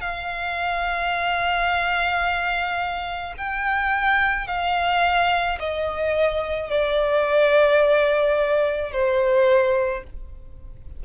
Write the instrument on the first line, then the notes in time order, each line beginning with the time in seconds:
violin
0.00 F5
3.37 G5
4.47 F5
5.59 D#5
6.70 D5
8.92 C5